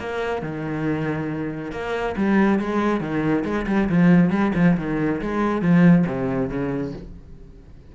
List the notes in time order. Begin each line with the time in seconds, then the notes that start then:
0.00 A#3
0.42 D#3
1.72 A#3
2.17 G3
2.59 G#3
3.01 D#3
3.45 G#3
3.67 G3
3.90 F3
4.31 G3
4.55 F3
4.78 D#3
5.21 G#3
5.62 F3
6.07 C3
6.50 C#3